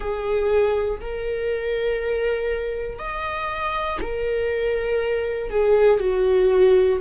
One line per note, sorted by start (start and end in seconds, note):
0.00 1.00 G#4
1.00 2.99 A#4
2.99 3.99 D#5
4.01 5.50 A#4
5.50 6.00 G#4
6.00 7.00 F#4